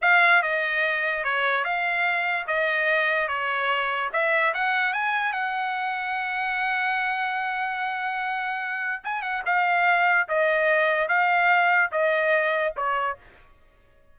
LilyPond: \new Staff \with { instrumentName = "trumpet" } { \time 4/4 \tempo 4 = 146 f''4 dis''2 cis''4 | f''2 dis''2 | cis''2 e''4 fis''4 | gis''4 fis''2.~ |
fis''1~ | fis''2 gis''8 fis''8 f''4~ | f''4 dis''2 f''4~ | f''4 dis''2 cis''4 | }